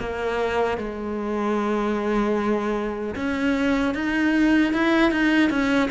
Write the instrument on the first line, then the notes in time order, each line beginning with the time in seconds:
cello
0.00 A#3
0.78 G#3
3.16 C#4
3.95 D#4
4.74 E4
5.12 D#4
5.50 C#4